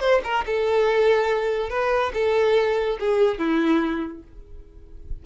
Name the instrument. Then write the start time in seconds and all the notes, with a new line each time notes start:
violin
0.00 C5
0.24 A#4
0.46 A4
1.70 B4
2.14 A4
2.99 G#4
3.38 E4